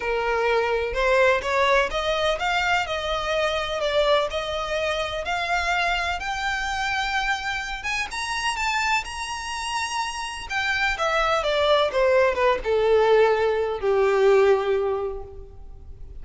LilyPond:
\new Staff \with { instrumentName = "violin" } { \time 4/4 \tempo 4 = 126 ais'2 c''4 cis''4 | dis''4 f''4 dis''2 | d''4 dis''2 f''4~ | f''4 g''2.~ |
g''8 gis''8 ais''4 a''4 ais''4~ | ais''2 g''4 e''4 | d''4 c''4 b'8 a'4.~ | a'4 g'2. | }